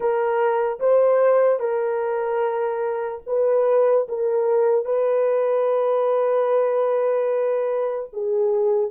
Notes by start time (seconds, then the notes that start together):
0.00 A#4
0.79 C5
1.59 A#4
3.26 B4
4.08 A#4
4.85 B4
8.12 G#4